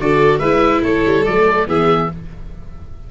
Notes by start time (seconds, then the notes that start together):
0.00 D3 F#4 A4 D5
0.39 G#3 E4 B4 E5
0.82 A3 A4 C#5
1.06 G3
1.26 F#3 A3 D5
1.67 E3 B3 G#4 E5